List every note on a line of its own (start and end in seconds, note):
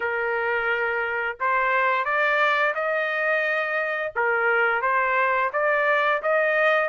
0.00 1.37 A#4
1.39 2.05 C5
2.05 2.74 D5
2.74 4.12 D#5
4.15 4.81 A#4
4.81 5.50 C5
5.52 6.21 D5
6.22 6.89 D#5